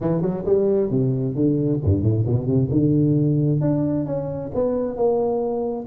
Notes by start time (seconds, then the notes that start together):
0.00 E3
0.21 F#3
0.45 G3
0.90 C3
1.35 D3
1.84 G2
2.02 A2
2.26 B2
2.46 C3
2.70 D3
3.60 D4
4.06 C#4
4.54 B3
4.95 A#3